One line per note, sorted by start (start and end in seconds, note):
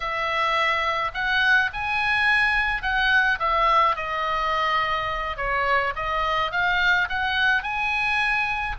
0.00 1.11 E5
1.13 1.70 F#5
1.73 2.82 G#5
2.82 3.38 F#5
3.39 3.95 E5
3.96 5.36 D#5
5.36 5.93 C#5
5.95 6.51 D#5
6.51 7.08 F5
7.09 7.62 F#5
7.62 8.76 G#5